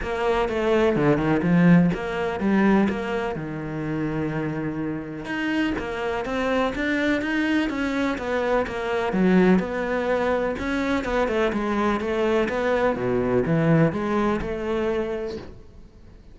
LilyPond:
\new Staff \with { instrumentName = "cello" } { \time 4/4 \tempo 4 = 125 ais4 a4 d8 dis8 f4 | ais4 g4 ais4 dis4~ | dis2. dis'4 | ais4 c'4 d'4 dis'4 |
cis'4 b4 ais4 fis4 | b2 cis'4 b8 a8 | gis4 a4 b4 b,4 | e4 gis4 a2 | }